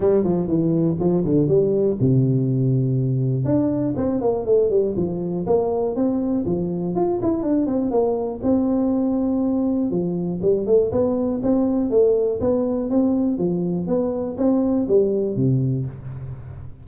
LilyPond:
\new Staff \with { instrumentName = "tuba" } { \time 4/4 \tempo 4 = 121 g8 f8 e4 f8 d8 g4 | c2. d'4 | c'8 ais8 a8 g8 f4 ais4 | c'4 f4 f'8 e'8 d'8 c'8 |
ais4 c'2. | f4 g8 a8 b4 c'4 | a4 b4 c'4 f4 | b4 c'4 g4 c4 | }